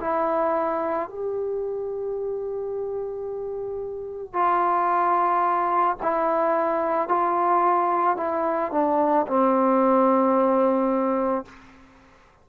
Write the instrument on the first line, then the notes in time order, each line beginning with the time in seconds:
trombone
0.00 E4
1.09 G4
4.33 F4
6.02 E4
7.08 F4
8.17 E4
8.71 D4
9.27 C4